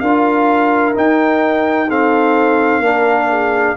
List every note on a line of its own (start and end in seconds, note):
0.00 0.95 D4
0.00 0.94 F4
0.00 1.89 A#4
0.00 0.94 F5
0.94 1.88 D#4
0.94 2.79 D#4
0.94 1.90 G5
1.89 2.83 C4
1.89 2.81 A4
1.89 3.76 F5
2.79 3.73 A#3
2.79 3.76 D4
2.79 3.28 A#4
3.29 3.76 G#4